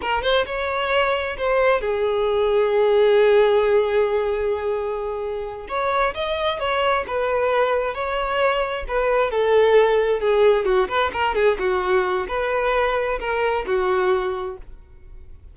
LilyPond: \new Staff \with { instrumentName = "violin" } { \time 4/4 \tempo 4 = 132 ais'8 c''8 cis''2 c''4 | gis'1~ | gis'1~ | gis'8 cis''4 dis''4 cis''4 b'8~ |
b'4. cis''2 b'8~ | b'8 a'2 gis'4 fis'8 | b'8 ais'8 gis'8 fis'4. b'4~ | b'4 ais'4 fis'2 | }